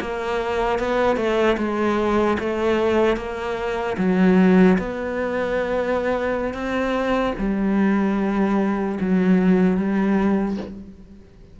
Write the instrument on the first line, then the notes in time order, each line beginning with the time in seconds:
cello
0.00 A#3
0.79 B3
1.16 A3
1.57 G#3
2.39 A3
3.16 A#3
3.97 F#3
4.78 B3
6.53 C4
7.38 G3
9.00 F#3
9.77 G3